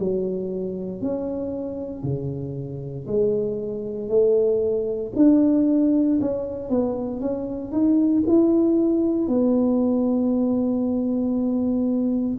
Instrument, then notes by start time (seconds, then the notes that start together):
tuba
0.00 F#3
1.02 C#4
2.04 C#3
3.08 G#3
4.09 A3
5.16 D4
6.22 C#4
6.70 B3
7.21 C#4
7.72 D#4
8.28 E4
9.28 B3